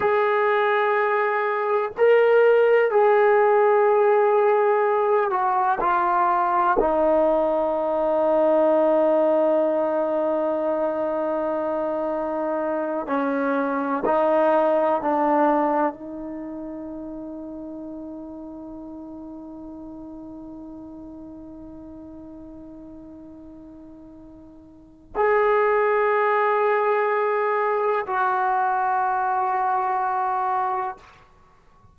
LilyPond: \new Staff \with { instrumentName = "trombone" } { \time 4/4 \tempo 4 = 62 gis'2 ais'4 gis'4~ | gis'4. fis'8 f'4 dis'4~ | dis'1~ | dis'4. cis'4 dis'4 d'8~ |
d'8 dis'2.~ dis'8~ | dis'1~ | dis'2 gis'2~ | gis'4 fis'2. | }